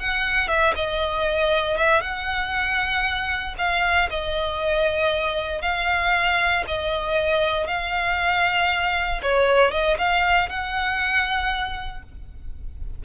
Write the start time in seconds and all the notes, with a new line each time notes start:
0.00 F#5
0.48 E5
0.76 D#5
1.78 E5
2.01 F#5
3.58 F5
4.10 D#5
5.62 F5
6.68 D#5
7.68 F5
9.23 C#5
9.72 D#5
9.99 F5
10.49 F#5